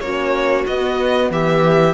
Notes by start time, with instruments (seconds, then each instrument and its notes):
0.00 cello A#3, horn C#4, viola F#4, violin C#5
0.66 cello B3, horn B3, violin D#5
1.30 cello E3, viola G4, violin E5